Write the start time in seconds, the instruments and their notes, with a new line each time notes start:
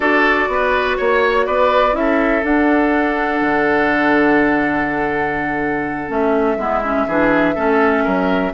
0.00 bassoon D4, clarinet F#4, oboe A4, flute D5
0.48 bassoon B3, oboe B4
0.97 bassoon A#3, oboe C#5, flute C#5
1.46 bassoon B3, oboe B4, flute D5
1.92 bassoon C#4, clarinet E4, flute E5
1.99 oboe A4
2.43 bassoon D4, clarinet D4, flute F#5
3.41 bassoon D3
6.08 bassoon A3, clarinet C#4, flute E5
6.56 bassoon G#3, clarinet B3, oboe E4
6.83 clarinet C#4
7.07 bassoon E3, clarinet D4, oboe G#4
7.55 bassoon A3, clarinet C#4, oboe A4
8.03 bassoon F#3, oboe A#4